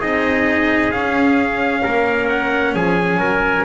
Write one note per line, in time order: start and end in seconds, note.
0.00 0.92 C4
0.00 0.93 D#4
0.00 1.82 G#4
0.00 0.92 D#5
0.92 1.83 C#4
0.92 3.66 C#4
0.92 2.28 F5
1.83 2.75 A#3
1.83 2.74 A#4
2.29 2.74 F#5
2.75 3.16 F3
2.75 3.20 G#4
2.75 3.66 G#5
3.16 3.62 F#3
3.16 3.65 A#4